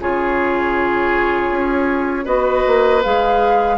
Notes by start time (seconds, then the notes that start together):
0.00 C#3 F4 G#4 C#5
1.50 C#4
2.25 B3 F#4 B4 D#5
2.66 A#3
3.03 G#3 G#4 F5